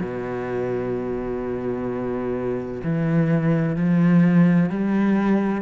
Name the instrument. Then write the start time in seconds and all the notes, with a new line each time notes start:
cello
0.00 B2
2.83 E3
3.76 F3
4.70 G3